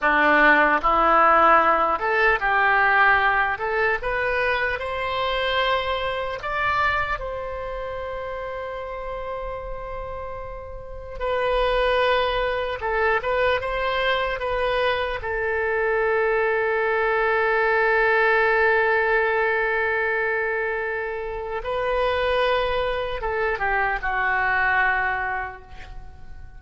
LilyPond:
\new Staff \with { instrumentName = "oboe" } { \time 4/4 \tempo 4 = 75 d'4 e'4. a'8 g'4~ | g'8 a'8 b'4 c''2 | d''4 c''2.~ | c''2 b'2 |
a'8 b'8 c''4 b'4 a'4~ | a'1~ | a'2. b'4~ | b'4 a'8 g'8 fis'2 | }